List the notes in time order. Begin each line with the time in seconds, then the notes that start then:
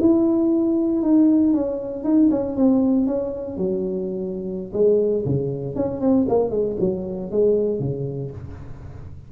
0.00 E4
1.02 D#4
1.53 C#4
2.04 D#4
2.31 C#4
2.56 C4
3.06 C#4
3.57 F#3
4.73 G#3
5.25 C#3
5.75 C#4
6.00 C4
6.28 A#3
6.50 G#3
6.79 F#3
7.31 G#3
7.79 C#3